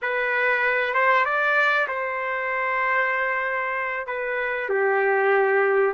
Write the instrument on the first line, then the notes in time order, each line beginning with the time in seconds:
trumpet
0.02 B4
0.93 C5
1.25 D5
1.88 C5
4.06 B4
4.69 G4